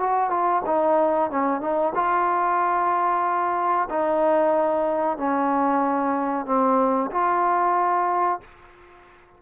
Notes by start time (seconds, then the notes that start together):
0.00 F#4
0.30 F4
0.67 D#4
1.31 C#4
1.61 D#4
1.95 F4
3.90 D#4
5.18 C#4
6.46 C4
7.12 F4